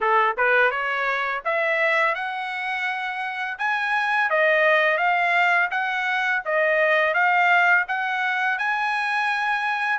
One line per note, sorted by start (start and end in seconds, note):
0.00 0.36 A4
0.37 0.70 B4
0.70 1.42 C#5
1.44 2.15 E5
2.15 3.57 F#5
3.58 4.30 G#5
4.30 4.97 D#5
4.97 5.69 F5
5.70 6.42 F#5
6.45 7.14 D#5
7.14 7.85 F5
7.88 8.58 F#5
8.58 9.98 G#5